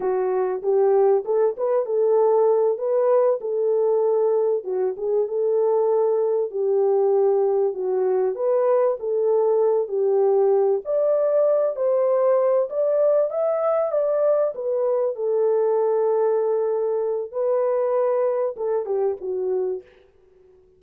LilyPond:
\new Staff \with { instrumentName = "horn" } { \time 4/4 \tempo 4 = 97 fis'4 g'4 a'8 b'8 a'4~ | a'8 b'4 a'2 fis'8 | gis'8 a'2 g'4.~ | g'8 fis'4 b'4 a'4. |
g'4. d''4. c''4~ | c''8 d''4 e''4 d''4 b'8~ | b'8 a'2.~ a'8 | b'2 a'8 g'8 fis'4 | }